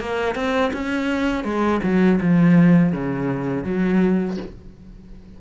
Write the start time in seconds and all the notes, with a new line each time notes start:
0.00 A#3
0.35 C4
0.73 C#4
1.44 G#3
1.83 F#3
2.21 F3
2.92 C#3
3.64 F#3